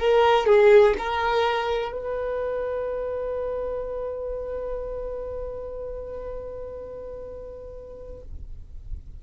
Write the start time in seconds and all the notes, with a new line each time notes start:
0.00 A#4
0.47 G#4
0.99 A#4
1.93 B4